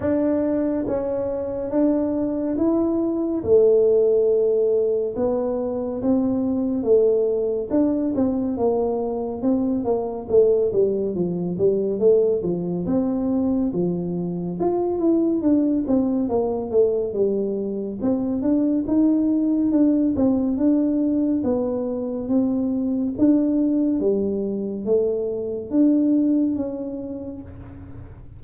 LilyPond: \new Staff \with { instrumentName = "tuba" } { \time 4/4 \tempo 4 = 70 d'4 cis'4 d'4 e'4 | a2 b4 c'4 | a4 d'8 c'8 ais4 c'8 ais8 | a8 g8 f8 g8 a8 f8 c'4 |
f4 f'8 e'8 d'8 c'8 ais8 a8 | g4 c'8 d'8 dis'4 d'8 c'8 | d'4 b4 c'4 d'4 | g4 a4 d'4 cis'4 | }